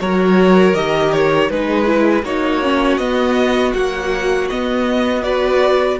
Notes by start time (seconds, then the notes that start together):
0.00 F#3 F#4 A#4 C#5
0.74 D#3 G4 D#5
1.12 C#5
1.50 G#3 D#4 G#4 B4
1.85 E4
2.23 A#3 D#4 F#4 C#5
2.63 C#4
2.98 B3 D#5
3.73 F#3 A#3 F#5
4.50 B3 D#5
5.23 F#4 B4 D5